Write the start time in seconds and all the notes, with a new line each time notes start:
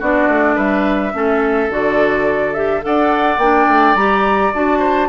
0.00 B3 D4 F#4 D5
0.29 A3
0.56 G3 B4 E5
1.13 A3 C#4 A4
1.70 D3 F#4 D5
2.54 G4 E5
2.82 D4 A4 D5 F#5
3.38 A#3 D4 G5
3.69 A3
3.95 G3 G4 A#5
4.54 D4 F#4 A5
4.79 C5